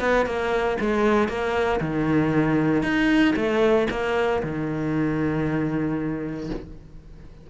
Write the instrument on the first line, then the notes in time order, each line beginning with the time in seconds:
cello
0.00 B3
0.26 A#3
0.81 G#3
1.28 A#3
1.81 D#3
2.83 D#4
3.36 A3
3.91 A#3
4.43 D#3